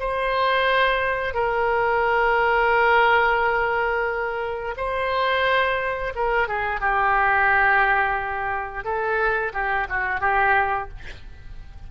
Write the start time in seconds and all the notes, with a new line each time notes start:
0.00 C5
1.34 A#4
4.77 C5
6.15 A#4
6.48 G#4
6.81 G4
8.85 A4
9.54 G4
9.90 F#4
10.21 G4